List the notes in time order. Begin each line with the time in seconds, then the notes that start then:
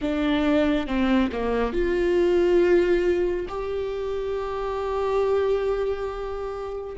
0.01 D4
0.87 C4
1.32 A#3
1.72 F4
3.48 G4